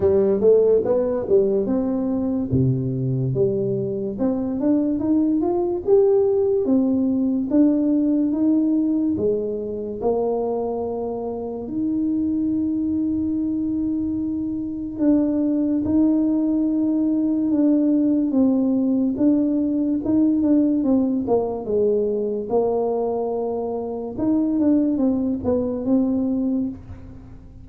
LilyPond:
\new Staff \with { instrumentName = "tuba" } { \time 4/4 \tempo 4 = 72 g8 a8 b8 g8 c'4 c4 | g4 c'8 d'8 dis'8 f'8 g'4 | c'4 d'4 dis'4 gis4 | ais2 dis'2~ |
dis'2 d'4 dis'4~ | dis'4 d'4 c'4 d'4 | dis'8 d'8 c'8 ais8 gis4 ais4~ | ais4 dis'8 d'8 c'8 b8 c'4 | }